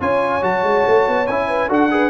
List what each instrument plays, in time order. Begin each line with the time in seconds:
0.00 tuba C#4, trombone F4, horn C#5, trumpet G#5
0.41 tuba F#3, trombone F#4, trumpet A5
0.63 tuba G#3
0.87 tuba A3
1.08 tuba B3
1.26 tuba C#4, trombone E4, trumpet G#5
1.48 horn B4
1.68 tuba D4, trombone F#4, horn A4, trumpet F#5
1.90 trombone G#4, horn B4